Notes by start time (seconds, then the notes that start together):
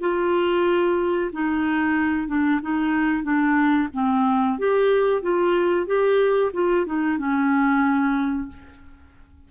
0.00 F4
1.32 D#4
2.28 D4
2.62 D#4
3.23 D4
3.93 C4
4.58 G4
5.22 F4
5.86 G4
6.53 F4
6.86 D#4
7.18 C#4